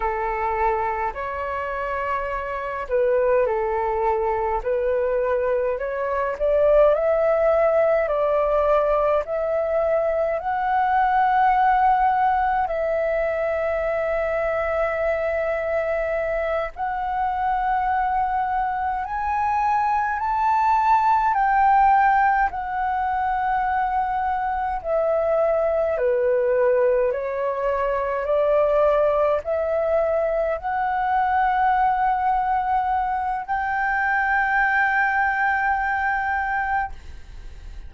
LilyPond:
\new Staff \with { instrumentName = "flute" } { \time 4/4 \tempo 4 = 52 a'4 cis''4. b'8 a'4 | b'4 cis''8 d''8 e''4 d''4 | e''4 fis''2 e''4~ | e''2~ e''8 fis''4.~ |
fis''8 gis''4 a''4 g''4 fis''8~ | fis''4. e''4 b'4 cis''8~ | cis''8 d''4 e''4 fis''4.~ | fis''4 g''2. | }